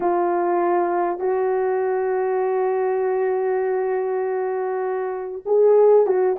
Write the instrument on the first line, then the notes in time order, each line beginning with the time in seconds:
horn
0.00 F4
1.19 F#4
5.45 G#4
6.06 F#4